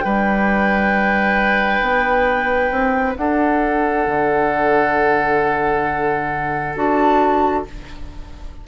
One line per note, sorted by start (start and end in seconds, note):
0.00 1.81 G3
0.00 6.76 D4
0.00 3.18 B4
0.00 3.13 G5
1.81 2.71 B3
2.71 3.15 C4
3.17 4.07 D4
3.17 7.68 A4
3.17 6.75 F#5
4.07 6.76 D3
6.76 7.65 D4
6.76 7.65 F#4
6.76 7.66 A5